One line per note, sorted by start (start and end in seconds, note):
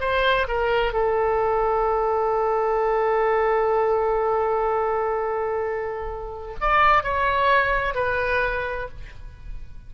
0.00 0.47 C5
0.47 0.92 A#4
0.92 6.55 A4
6.60 7.03 D5
7.03 7.94 C#5
7.94 8.88 B4